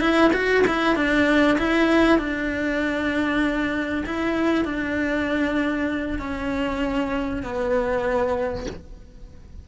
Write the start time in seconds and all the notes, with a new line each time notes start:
0.00 E4
0.33 F#4
0.67 E4
0.95 D4
1.58 E4
2.18 D4
4.06 E4
4.64 D4
6.19 C#4
7.42 B3